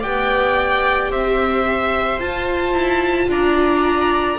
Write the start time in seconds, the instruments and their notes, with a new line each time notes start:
0.00 double bass B3, viola G4 D5, violin G5
1.10 double bass C4, viola C5, violin E5
2.19 viola F4, double bass F4, violin A5
2.72 double bass E4
3.27 double bass D4, viola D5, violin A#5